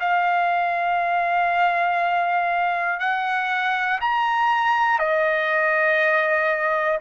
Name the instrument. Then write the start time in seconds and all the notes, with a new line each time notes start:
trumpet
0.00 F5
3.00 F#5
4.00 A#5
4.98 D#5